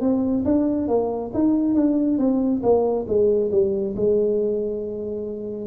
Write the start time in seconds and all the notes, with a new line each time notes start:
0.00 C4
0.44 D4
0.88 A#3
1.34 D#4
1.74 D4
2.18 C4
2.62 A#3
3.08 G#3
3.51 G3
3.96 G#3